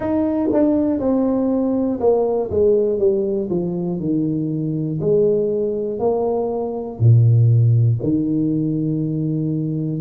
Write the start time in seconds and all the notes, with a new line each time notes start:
0.00 D#4
0.52 D4
1.00 C4
2.00 A#3
2.50 G#3
2.99 G3
3.50 F3
4.00 D#3
5.00 G#3
5.99 A#3
6.99 A#2
8.02 D#3